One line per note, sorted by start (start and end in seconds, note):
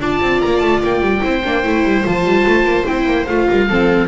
0.00 0.20 D4
0.00 1.21 F4
0.00 1.23 D5
0.00 0.41 A5
0.21 0.41 C4
0.41 0.62 A#3
0.41 0.58 A#5
0.58 0.82 A3
0.58 0.79 A5
0.83 1.01 A#3
0.83 2.07 G5
1.01 1.21 G3
1.21 1.44 C4
1.21 1.42 E4
1.21 3.48 C5
1.44 1.65 A#3
1.44 1.63 D4
1.63 1.84 A3
1.63 2.04 E4
1.84 2.04 G3
2.04 2.24 F3
2.04 2.85 F4
2.04 2.86 A5
2.24 2.44 G3
2.46 2.64 A3
2.64 2.84 A#3
2.85 3.05 C4
2.85 3.26 E4
2.85 3.26 G5
3.05 3.25 A#3
3.26 3.48 A3
3.26 3.69 F4
3.26 4.08 F5
3.48 3.69 G3
3.48 3.68 A#4
3.69 4.08 F3
3.69 4.08 C4
3.69 4.08 A4